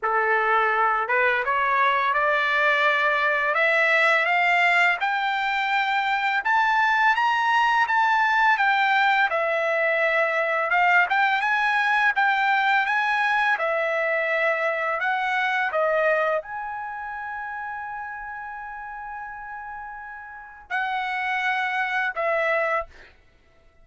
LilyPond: \new Staff \with { instrumentName = "trumpet" } { \time 4/4 \tempo 4 = 84 a'4. b'8 cis''4 d''4~ | d''4 e''4 f''4 g''4~ | g''4 a''4 ais''4 a''4 | g''4 e''2 f''8 g''8 |
gis''4 g''4 gis''4 e''4~ | e''4 fis''4 dis''4 gis''4~ | gis''1~ | gis''4 fis''2 e''4 | }